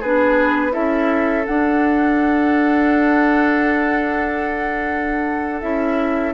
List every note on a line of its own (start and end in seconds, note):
0.00 0.75 B3
0.00 0.71 D4
0.00 0.72 G#4
0.00 0.73 B4
0.71 1.47 C#4
0.71 1.44 E4
0.71 6.33 A4
0.71 1.45 E5
1.46 5.62 D4
1.46 5.61 F#5
5.61 6.34 C#4
5.61 6.34 E4
5.61 6.33 E5